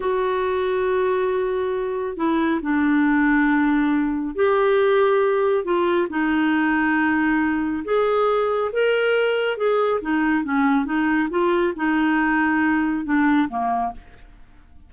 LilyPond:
\new Staff \with { instrumentName = "clarinet" } { \time 4/4 \tempo 4 = 138 fis'1~ | fis'4 e'4 d'2~ | d'2 g'2~ | g'4 f'4 dis'2~ |
dis'2 gis'2 | ais'2 gis'4 dis'4 | cis'4 dis'4 f'4 dis'4~ | dis'2 d'4 ais4 | }